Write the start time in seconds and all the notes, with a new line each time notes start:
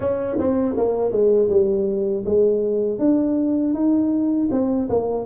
0.00 C#4
0.38 C4
0.76 A#3
1.11 G#3
1.49 G3
2.25 G#3
2.98 D4
3.73 D#4
4.51 C4
4.89 A#3